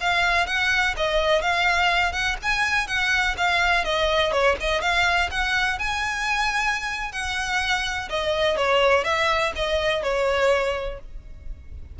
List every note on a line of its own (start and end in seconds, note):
0.00 0.46 F5
0.46 0.95 F#5
0.97 1.41 D#5
1.41 2.12 F5
2.12 2.36 F#5
2.42 2.87 G#5
2.87 3.35 F#5
3.37 3.84 F5
3.84 4.32 D#5
4.32 4.56 C#5
4.60 4.81 D#5
4.81 5.29 F5
5.30 5.78 F#5
5.78 7.12 G#5
7.12 8.08 F#5
8.09 8.56 D#5
8.56 9.04 C#5
9.04 9.52 E5
9.55 10.02 D#5
10.02 10.99 C#5